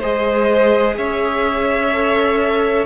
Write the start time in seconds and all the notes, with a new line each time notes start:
0.00 G#3 G#4 C5 D#5
0.97 C#4 C#5 E5
1.93 A4